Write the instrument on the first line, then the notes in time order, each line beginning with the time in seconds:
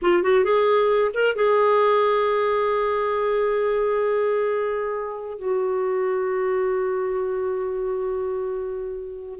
clarinet
0.01 F4
0.22 F#4
0.44 G#4
1.14 A#4
1.35 G#4
5.38 F#4